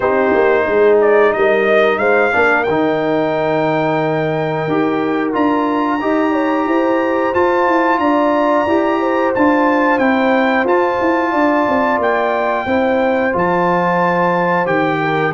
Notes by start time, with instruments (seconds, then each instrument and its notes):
0.00 tuba C4, trombone D#4, horn G4, trumpet C5
0.33 tuba A#3
0.67 tuba G#3, horn G#4
1.00 trumpet D5
1.32 tuba G3, horn A#4, trumpet D#5
1.97 tuba G#3, horn C5, trumpet F5
2.32 tuba A#3, trombone D4, horn A#4
2.63 tuba D#3, trumpet G5
2.69 trombone D#4
4.67 tuba D#4, trombone G4
5.32 tuba D4, trombone F4, trumpet A#5
5.99 tuba D#4, trombone G4, horn D#5
6.32 horn C#5
6.66 tuba E4, horn C5
7.33 trombone F4, tuba F4, trumpet A5
7.67 tuba E4
7.98 tuba D4, horn D5, trumpet A#5
8.66 tuba E4, trombone G4
9.00 horn C5
9.34 tuba D4, trombone F4, trumpet A5
9.98 tuba C4, trombone E4, trumpet G5
10.64 tuba F4, trombone F4, trumpet A5
11.00 tuba E4
11.31 tuba D4, horn D5
11.68 tuba C4
11.98 tuba A#3, trumpet G5
12.65 tuba C4, trombone E4, horn C5
13.32 tuba F3, trombone F4, trumpet A5
14.65 tuba D#3, trombone G4, trumpet G5
15.00 horn A#4